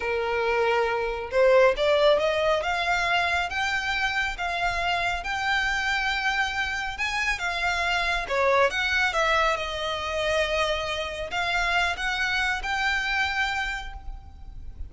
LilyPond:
\new Staff \with { instrumentName = "violin" } { \time 4/4 \tempo 4 = 138 ais'2. c''4 | d''4 dis''4 f''2 | g''2 f''2 | g''1 |
gis''4 f''2 cis''4 | fis''4 e''4 dis''2~ | dis''2 f''4. fis''8~ | fis''4 g''2. | }